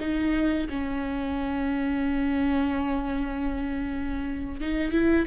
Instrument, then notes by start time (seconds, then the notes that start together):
viola
0.00 D#4
0.69 C#4
4.61 D#4
4.92 E4